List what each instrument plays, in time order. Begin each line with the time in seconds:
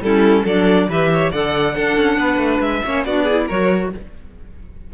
0.00 cello G3, clarinet C#4, violin E4 A4
0.43 cello F#3, clarinet D4, violin A4 D5
0.88 cello E3, clarinet G4, violin B4 E5
1.13 violin C#5
1.31 cello D3, clarinet A4, violin D5 F#5
1.75 clarinet D4, cello D4, violin A4
1.97 cello C#4
2.17 cello B3, violin B4
2.37 cello A3
2.59 cello G#3, violin E5
2.84 cello A#3, clarinet C#4, violin C#5
3.04 cello B3, clarinet D4, violin F#4 D5
3.23 clarinet E4, violin G#4
3.46 cello F#3, clarinet F#4, violin A#4 C#5